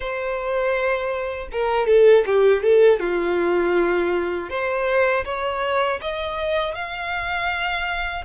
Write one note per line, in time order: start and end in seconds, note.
0.00 1.48 C5
1.52 1.86 A#4
1.86 2.24 A4
2.26 2.62 G4
2.62 2.99 A4
2.99 4.49 F4
4.49 5.24 C5
5.25 6.00 C#5
6.01 6.74 D#5
6.74 8.24 F5